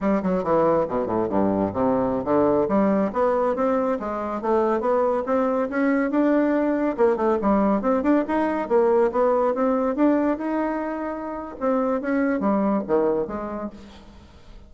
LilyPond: \new Staff \with { instrumentName = "bassoon" } { \time 4/4 \tempo 4 = 140 g8 fis8 e4 b,8 a,8 g,4 | c4~ c16 d4 g4 b8.~ | b16 c'4 gis4 a4 b8.~ | b16 c'4 cis'4 d'4.~ d'16~ |
d'16 ais8 a8 g4 c'8 d'8 dis'8.~ | dis'16 ais4 b4 c'4 d'8.~ | d'16 dis'2~ dis'8. c'4 | cis'4 g4 dis4 gis4 | }